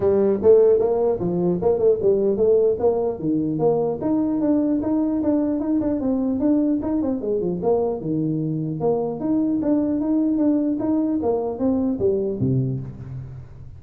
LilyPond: \new Staff \with { instrumentName = "tuba" } { \time 4/4 \tempo 4 = 150 g4 a4 ais4 f4 | ais8 a8 g4 a4 ais4 | dis4 ais4 dis'4 d'4 | dis'4 d'4 dis'8 d'8 c'4 |
d'4 dis'8 c'8 gis8 f8 ais4 | dis2 ais4 dis'4 | d'4 dis'4 d'4 dis'4 | ais4 c'4 g4 c4 | }